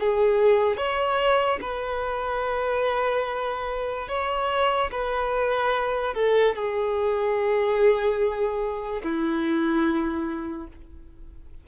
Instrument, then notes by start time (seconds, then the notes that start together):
violin
0.00 G#4
0.77 C#5
1.62 B4
4.09 C#5
4.92 B4
6.15 A4
6.56 G#4
9.03 E4